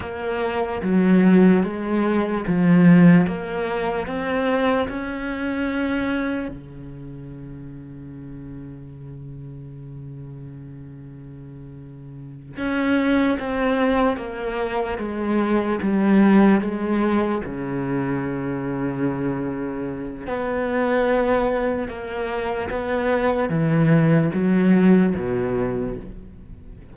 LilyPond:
\new Staff \with { instrumentName = "cello" } { \time 4/4 \tempo 4 = 74 ais4 fis4 gis4 f4 | ais4 c'4 cis'2 | cis1~ | cis2.~ cis8 cis'8~ |
cis'8 c'4 ais4 gis4 g8~ | g8 gis4 cis2~ cis8~ | cis4 b2 ais4 | b4 e4 fis4 b,4 | }